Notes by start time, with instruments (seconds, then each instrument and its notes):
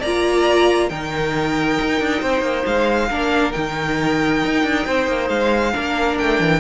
0.00 cello A#3, violin D5 A#5
0.06 viola F4
0.89 cello D#3, viola D#4, violin A#4 G5
1.81 cello D#4
2.00 cello D4
2.21 cello C4, violin C5
2.41 cello A#3
2.66 cello G#3, violin F5
3.10 cello A#3, viola D4, violin A#4
3.52 cello D#3, viola D#4, violin G5
4.45 cello D#4
4.63 cello D4
4.86 cello C4, violin C5
5.08 cello A#3
5.29 cello G#3, violin F5
5.73 cello A#3, viola D4, violin A#4
6.19 cello A3, violin G5
6.40 cello E3